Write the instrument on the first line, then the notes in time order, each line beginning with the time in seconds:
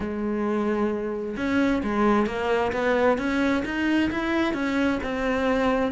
cello
0.00 G#3
1.36 C#4
1.83 G#3
2.26 A#3
2.72 B3
3.18 C#4
3.65 D#4
4.10 E4
4.53 C#4
5.03 C4